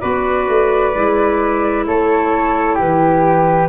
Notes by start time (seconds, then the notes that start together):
0.00 B3 F#4 B4 D5
0.48 A3
0.94 G#3 E4
1.86 A3 A4 C#5
2.75 E3 G4 B4